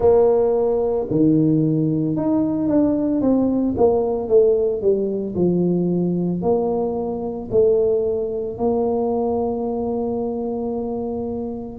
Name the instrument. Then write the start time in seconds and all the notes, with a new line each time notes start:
tuba
0.00 A#3
1.10 D#3
2.16 D#4
2.68 D4
3.21 C4
3.77 A#3
4.28 A3
4.81 G3
5.35 F3
6.42 A#3
7.51 A3
8.57 A#3